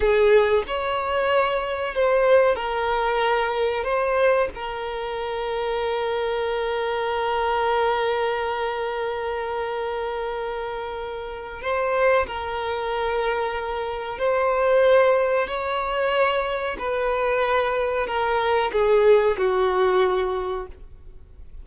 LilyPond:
\new Staff \with { instrumentName = "violin" } { \time 4/4 \tempo 4 = 93 gis'4 cis''2 c''4 | ais'2 c''4 ais'4~ | ais'1~ | ais'1~ |
ais'2 c''4 ais'4~ | ais'2 c''2 | cis''2 b'2 | ais'4 gis'4 fis'2 | }